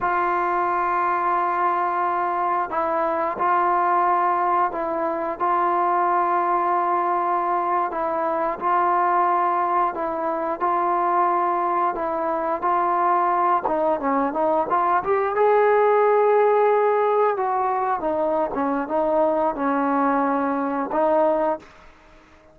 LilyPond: \new Staff \with { instrumentName = "trombone" } { \time 4/4 \tempo 4 = 89 f'1 | e'4 f'2 e'4 | f'2.~ f'8. e'16~ | e'8. f'2 e'4 f'16~ |
f'4.~ f'16 e'4 f'4~ f'16~ | f'16 dis'8 cis'8 dis'8 f'8 g'8 gis'4~ gis'16~ | gis'4.~ gis'16 fis'4 dis'8. cis'8 | dis'4 cis'2 dis'4 | }